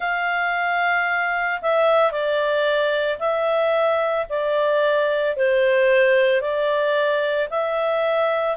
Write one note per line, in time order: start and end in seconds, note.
0.00 1.61 F5
1.61 2.11 E5
2.11 3.19 D5
3.19 4.26 E5
4.29 5.36 D5
5.36 6.41 C5
6.41 7.48 D5
7.50 8.56 E5